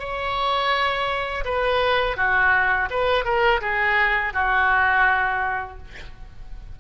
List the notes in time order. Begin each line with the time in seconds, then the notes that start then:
0.00 C#5
1.45 B4
2.17 F#4
2.91 B4
3.25 A#4
3.61 G#4
4.34 F#4